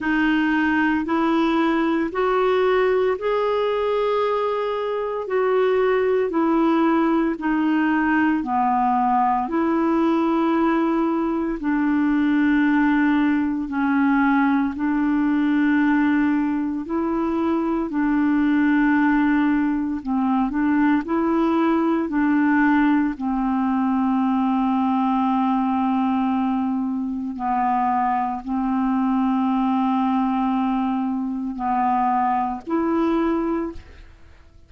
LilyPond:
\new Staff \with { instrumentName = "clarinet" } { \time 4/4 \tempo 4 = 57 dis'4 e'4 fis'4 gis'4~ | gis'4 fis'4 e'4 dis'4 | b4 e'2 d'4~ | d'4 cis'4 d'2 |
e'4 d'2 c'8 d'8 | e'4 d'4 c'2~ | c'2 b4 c'4~ | c'2 b4 e'4 | }